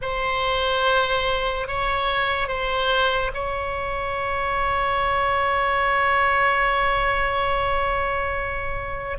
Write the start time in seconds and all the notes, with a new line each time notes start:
0.02 C5
1.67 C#5
2.48 C5
3.34 C#5